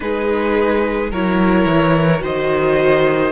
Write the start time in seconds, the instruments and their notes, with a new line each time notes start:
0.00 cello G#3, viola D#4, violin G#4 B4
1.11 cello F#3, viola E4, violin A#4 C#5
1.65 cello E3
2.19 cello D#3, viola F#4, violin C5 D#5